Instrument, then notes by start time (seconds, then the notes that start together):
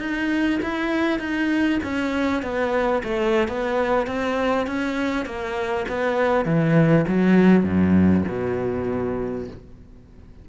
cello
0.00 D#4
0.63 E4
1.20 D#4
1.84 C#4
2.43 B3
3.04 A3
3.49 B3
4.07 C4
4.67 C#4
5.26 A#3
5.89 B3
6.46 E3
7.08 F#3
7.64 F#2
8.28 B2